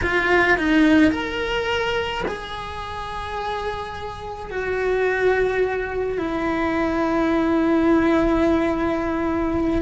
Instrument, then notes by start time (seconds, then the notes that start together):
cello
0.02 F4
0.57 D#4
1.11 A#4
2.27 G#4
4.50 F#4
6.18 E4